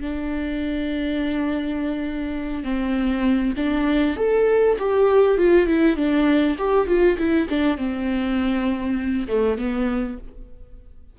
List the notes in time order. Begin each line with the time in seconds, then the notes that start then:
0.00 D4
2.63 C4
3.56 D4
4.16 A4
4.78 G4
5.37 F4
5.66 E4
5.96 D4
6.58 G4
6.87 F4
7.17 E4
7.49 D4
7.77 C4
9.27 A3
9.57 B3